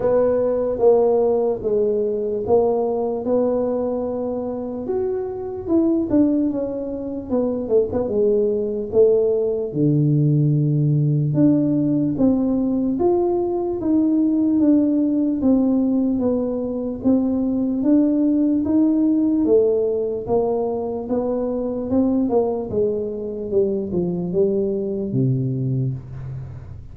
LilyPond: \new Staff \with { instrumentName = "tuba" } { \time 4/4 \tempo 4 = 74 b4 ais4 gis4 ais4 | b2 fis'4 e'8 d'8 | cis'4 b8 a16 b16 gis4 a4 | d2 d'4 c'4 |
f'4 dis'4 d'4 c'4 | b4 c'4 d'4 dis'4 | a4 ais4 b4 c'8 ais8 | gis4 g8 f8 g4 c4 | }